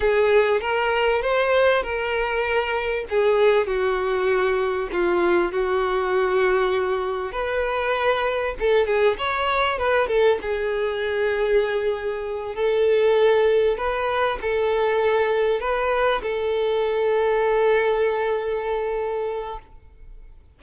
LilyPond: \new Staff \with { instrumentName = "violin" } { \time 4/4 \tempo 4 = 98 gis'4 ais'4 c''4 ais'4~ | ais'4 gis'4 fis'2 | f'4 fis'2. | b'2 a'8 gis'8 cis''4 |
b'8 a'8 gis'2.~ | gis'8 a'2 b'4 a'8~ | a'4. b'4 a'4.~ | a'1 | }